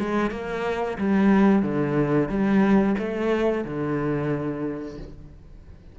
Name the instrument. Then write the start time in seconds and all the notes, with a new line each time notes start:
cello
0.00 G#3
0.31 A#3
0.98 G3
1.63 D3
2.29 G3
2.99 A3
3.65 D3